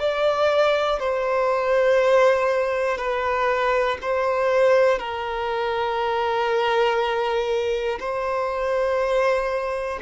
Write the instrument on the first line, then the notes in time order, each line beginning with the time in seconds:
violin
0.00 D5
1.00 C5
2.98 B4
4.02 C5
5.00 A#4
8.00 C5